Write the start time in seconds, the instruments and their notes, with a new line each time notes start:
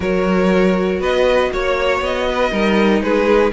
0.00 cello F#3, viola F#4, violin A#4 C#5
0.99 cello B3, violin B4 D#5
1.52 cello A#3, violin C#5
2.01 cello B3, violin D#5
2.29 violin B4
2.51 cello G3, viola D#4, violin A#4
3.01 cello G#3, violin G#4 B4